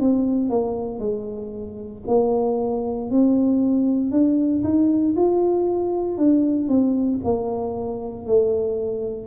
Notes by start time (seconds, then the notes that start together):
0.00 C4
0.49 A#3
0.99 G#3
2.07 A#3
3.10 C4
4.11 D4
4.63 D#4
5.16 F4
6.17 D4
6.68 C4
7.24 A#3
8.26 A3